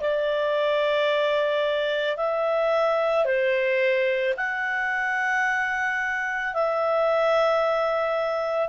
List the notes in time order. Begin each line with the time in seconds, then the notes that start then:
0.00 D5
2.16 E5
3.25 C5
4.36 F#5
6.54 E5